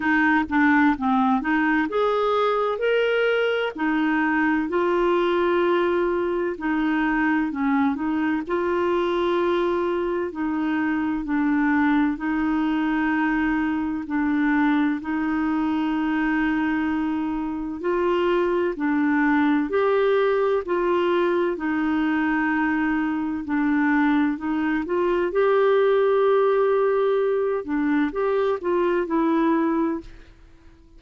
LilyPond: \new Staff \with { instrumentName = "clarinet" } { \time 4/4 \tempo 4 = 64 dis'8 d'8 c'8 dis'8 gis'4 ais'4 | dis'4 f'2 dis'4 | cis'8 dis'8 f'2 dis'4 | d'4 dis'2 d'4 |
dis'2. f'4 | d'4 g'4 f'4 dis'4~ | dis'4 d'4 dis'8 f'8 g'4~ | g'4. d'8 g'8 f'8 e'4 | }